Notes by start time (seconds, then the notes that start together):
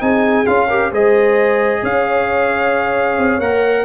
0.00 C4 D#4 G#4 G#5
0.46 C#4 F4 F5
0.67 G4 A#4
0.91 G#3 G#4 C5 D#5
1.82 C#4 C#5 F5
3.18 C4
3.39 A#3 A#4 F#5